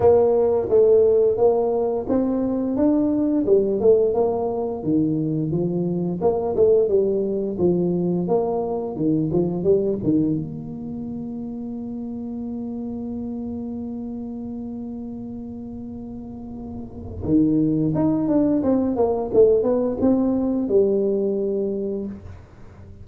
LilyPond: \new Staff \with { instrumentName = "tuba" } { \time 4/4 \tempo 4 = 87 ais4 a4 ais4 c'4 | d'4 g8 a8 ais4 dis4 | f4 ais8 a8 g4 f4 | ais4 dis8 f8 g8 dis8 ais4~ |
ais1~ | ais1~ | ais4 dis4 dis'8 d'8 c'8 ais8 | a8 b8 c'4 g2 | }